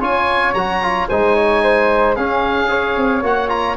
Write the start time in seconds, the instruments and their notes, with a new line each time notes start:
0.00 tuba C#4, trombone F4, flute C#5, oboe G#5
0.53 tuba F#3, trombone F#4, oboe A#5
0.82 trombone F4
1.08 tuba G#3, trombone D#4, flute C5, oboe G#5
1.35 flute C#5
1.63 flute C5
2.15 tuba C#4, trombone C#4, flute G#4, oboe F5
2.67 trombone G#4, flute C#5
2.96 tuba C4
3.22 tuba A#3, trombone F#4, oboe F#5
3.48 trombone F4, oboe A#5